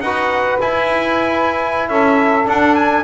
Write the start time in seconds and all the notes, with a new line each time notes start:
0.00 D#4 F#4 B4 F#5
0.61 E4 G#5
1.89 C#4 A4 E5
2.45 D4 F#5
2.75 G#5